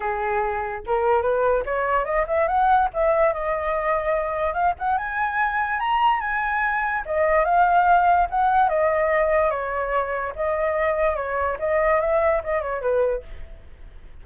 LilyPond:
\new Staff \with { instrumentName = "flute" } { \time 4/4 \tempo 4 = 145 gis'2 ais'4 b'4 | cis''4 dis''8 e''8 fis''4 e''4 | dis''2. f''8 fis''8 | gis''2 ais''4 gis''4~ |
gis''4 dis''4 f''2 | fis''4 dis''2 cis''4~ | cis''4 dis''2 cis''4 | dis''4 e''4 dis''8 cis''8 b'4 | }